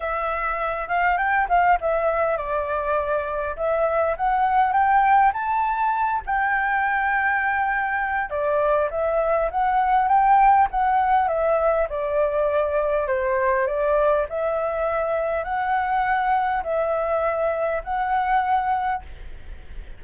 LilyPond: \new Staff \with { instrumentName = "flute" } { \time 4/4 \tempo 4 = 101 e''4. f''8 g''8 f''8 e''4 | d''2 e''4 fis''4 | g''4 a''4. g''4.~ | g''2 d''4 e''4 |
fis''4 g''4 fis''4 e''4 | d''2 c''4 d''4 | e''2 fis''2 | e''2 fis''2 | }